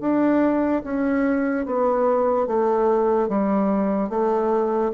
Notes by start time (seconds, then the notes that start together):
0.00 D4
0.84 C#4
1.66 B3
2.47 A3
3.28 G3
4.09 A3